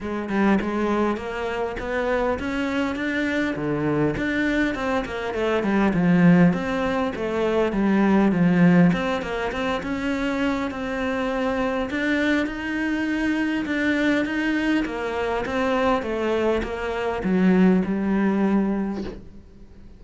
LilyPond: \new Staff \with { instrumentName = "cello" } { \time 4/4 \tempo 4 = 101 gis8 g8 gis4 ais4 b4 | cis'4 d'4 d4 d'4 | c'8 ais8 a8 g8 f4 c'4 | a4 g4 f4 c'8 ais8 |
c'8 cis'4. c'2 | d'4 dis'2 d'4 | dis'4 ais4 c'4 a4 | ais4 fis4 g2 | }